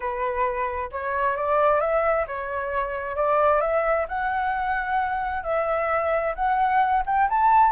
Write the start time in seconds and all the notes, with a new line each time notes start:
0.00 B4
0.91 C#5
1.36 D5
1.80 E5
2.27 C#5
3.16 D5
3.61 E5
4.08 F#5
5.43 E5
6.35 F#5
7.06 G5
7.29 A5